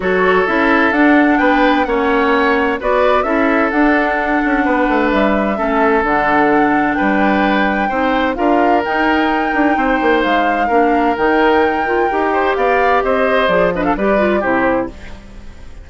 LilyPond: <<
  \new Staff \with { instrumentName = "flute" } { \time 4/4 \tempo 4 = 129 cis''4 e''4 fis''4 g''4 | fis''2 d''4 e''4 | fis''2. e''4~ | e''4 fis''2 g''4~ |
g''2 f''4 g''4~ | g''2 f''2 | g''2. f''4 | dis''4 d''8 dis''16 f''16 d''4 c''4 | }
  \new Staff \with { instrumentName = "oboe" } { \time 4/4 a'2. b'4 | cis''2 b'4 a'4~ | a'2 b'2 | a'2. b'4~ |
b'4 c''4 ais'2~ | ais'4 c''2 ais'4~ | ais'2~ ais'8 c''8 d''4 | c''4. b'16 a'16 b'4 g'4 | }
  \new Staff \with { instrumentName = "clarinet" } { \time 4/4 fis'4 e'4 d'2 | cis'2 fis'4 e'4 | d'1 | cis'4 d'2.~ |
d'4 dis'4 f'4 dis'4~ | dis'2. d'4 | dis'4. f'8 g'2~ | g'4 gis'8 d'8 g'8 f'8 e'4 | }
  \new Staff \with { instrumentName = "bassoon" } { \time 4/4 fis4 cis'4 d'4 b4 | ais2 b4 cis'4 | d'4. cis'8 b8 a8 g4 | a4 d2 g4~ |
g4 c'4 d'4 dis'4~ | dis'8 d'8 c'8 ais8 gis4 ais4 | dis2 dis'4 b4 | c'4 f4 g4 c4 | }
>>